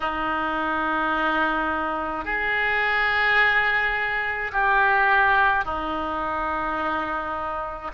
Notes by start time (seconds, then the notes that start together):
0.00 D#4
2.24 G#4
4.52 G4
5.64 D#4